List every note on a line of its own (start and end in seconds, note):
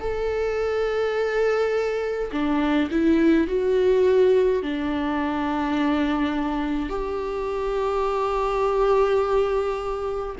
0.00 2.31 A4
2.31 2.89 D4
2.90 3.47 E4
3.47 4.62 F#4
4.62 6.89 D4
6.89 10.35 G4